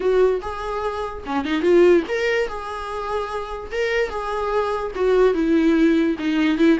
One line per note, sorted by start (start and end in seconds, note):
0.00 0.41 F#4
0.41 1.23 G#4
1.26 1.44 C#4
1.44 1.62 D#4
1.62 2.03 F4
2.08 2.48 A#4
2.48 3.71 G#4
3.71 4.09 A#4
4.09 4.91 G#4
4.95 5.34 F#4
5.34 6.16 E4
6.18 6.58 D#4
6.58 6.78 E4